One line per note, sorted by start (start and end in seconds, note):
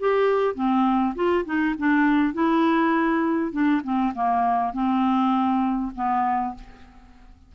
0.00 0.55 G4
0.55 1.15 C4
1.16 1.45 F4
1.46 1.76 D#4
1.79 2.34 D4
2.34 3.52 E4
3.52 3.82 D4
3.84 4.14 C4
4.15 4.74 A#3
4.74 5.92 C4
5.96 6.55 B3